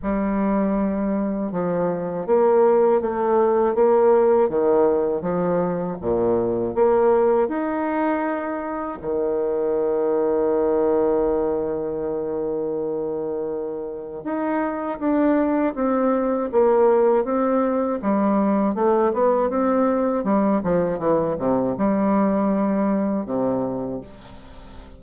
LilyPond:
\new Staff \with { instrumentName = "bassoon" } { \time 4/4 \tempo 4 = 80 g2 f4 ais4 | a4 ais4 dis4 f4 | ais,4 ais4 dis'2 | dis1~ |
dis2. dis'4 | d'4 c'4 ais4 c'4 | g4 a8 b8 c'4 g8 f8 | e8 c8 g2 c4 | }